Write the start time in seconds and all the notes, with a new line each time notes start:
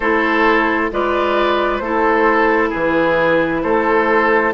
0.00 A3 E4 A4 C5
0.91 G#3 F4 B4 D5
1.78 A3 E4 A4 C5
2.69 E3 G#4 B4
3.62 A3 A4 C5